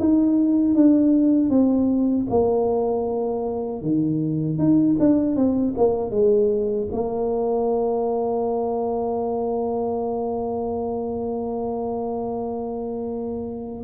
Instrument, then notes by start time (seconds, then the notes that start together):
tuba
0.00 D#4
0.75 D4
1.50 C4
2.30 A#3
3.83 D#3
4.59 D#4
5.00 D4
5.36 C4
5.78 A#3
6.11 G#3
6.93 A#3